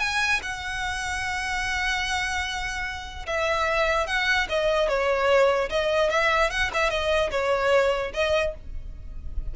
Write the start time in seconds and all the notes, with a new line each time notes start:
0.00 G#5
0.42 F#5
3.27 E5
4.07 F#5
4.49 D#5
4.89 C#5
5.70 D#5
6.10 E5
6.51 F#5
6.74 E5
6.90 D#5
7.31 C#5
8.14 D#5